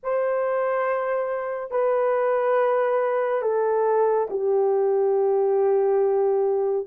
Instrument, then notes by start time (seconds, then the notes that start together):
horn
0.03 C5
1.70 B4
3.42 A4
4.30 G4